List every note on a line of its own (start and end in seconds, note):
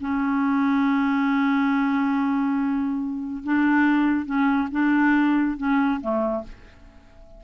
0.00 3.43 C#4
3.43 4.25 D4
4.25 4.68 C#4
4.71 5.57 D4
5.57 6.00 C#4
6.01 6.43 A3